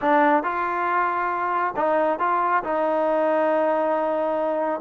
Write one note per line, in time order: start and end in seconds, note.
0.01 0.43 D4
0.43 1.74 F4
1.76 2.19 D#4
2.19 2.63 F4
2.63 4.81 D#4